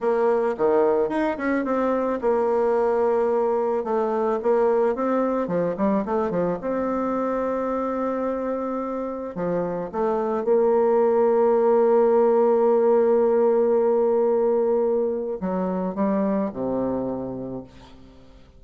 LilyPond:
\new Staff \with { instrumentName = "bassoon" } { \time 4/4 \tempo 4 = 109 ais4 dis4 dis'8 cis'8 c'4 | ais2. a4 | ais4 c'4 f8 g8 a8 f8 | c'1~ |
c'4 f4 a4 ais4~ | ais1~ | ais1 | fis4 g4 c2 | }